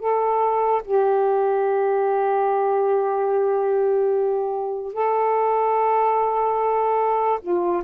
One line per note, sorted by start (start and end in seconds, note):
0.00 0.82 A4
0.85 4.94 G4
4.94 7.40 A4
7.42 7.83 F4